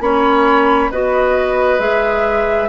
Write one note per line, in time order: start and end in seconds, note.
0.00 0.90 A#3
0.00 0.91 C#4
0.00 0.91 C#5
0.00 0.90 B5
0.91 1.79 B3
0.91 1.79 F#4
0.91 2.69 B4
0.91 1.80 D#5
1.79 2.68 G#3
1.79 2.69 G#4
1.79 2.69 E5